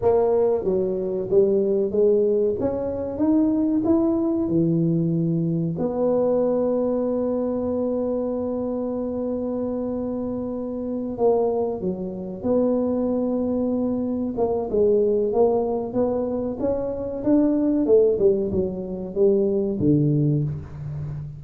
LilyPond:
\new Staff \with { instrumentName = "tuba" } { \time 4/4 \tempo 4 = 94 ais4 fis4 g4 gis4 | cis'4 dis'4 e'4 e4~ | e4 b2.~ | b1~ |
b4. ais4 fis4 b8~ | b2~ b8 ais8 gis4 | ais4 b4 cis'4 d'4 | a8 g8 fis4 g4 d4 | }